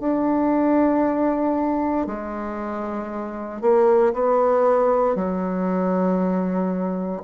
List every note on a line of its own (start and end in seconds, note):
0.00 2.06 D4
2.06 3.61 G#3
3.61 4.13 A#3
4.13 5.15 B3
5.15 7.22 F#3